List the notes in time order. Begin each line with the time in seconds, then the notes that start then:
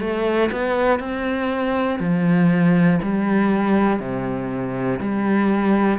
0.00 A3
0.52 B3
1.00 C4
2.00 F3
3.03 G3
4.00 C3
5.00 G3